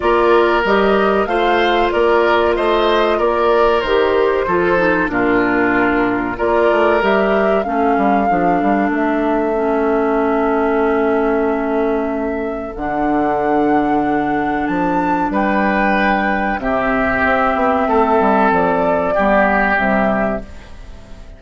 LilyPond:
<<
  \new Staff \with { instrumentName = "flute" } { \time 4/4 \tempo 4 = 94 d''4 dis''4 f''4 d''4 | dis''4 d''4 c''2 | ais'2 d''4 e''4 | f''2 e''2~ |
e''1 | fis''2. a''4 | g''2 e''2~ | e''4 d''2 e''4 | }
  \new Staff \with { instrumentName = "oboe" } { \time 4/4 ais'2 c''4 ais'4 | c''4 ais'2 a'4 | f'2 ais'2 | a'1~ |
a'1~ | a'1 | b'2 g'2 | a'2 g'2 | }
  \new Staff \with { instrumentName = "clarinet" } { \time 4/4 f'4 g'4 f'2~ | f'2 g'4 f'8 dis'8 | d'2 f'4 g'4 | cis'4 d'2 cis'4~ |
cis'1 | d'1~ | d'2 c'2~ | c'2 b4 g4 | }
  \new Staff \with { instrumentName = "bassoon" } { \time 4/4 ais4 g4 a4 ais4 | a4 ais4 dis4 f4 | ais,2 ais8 a8 g4 | a8 g8 f8 g8 a2~ |
a1 | d2. f4 | g2 c4 c'8 b8 | a8 g8 f4 g4 c4 | }
>>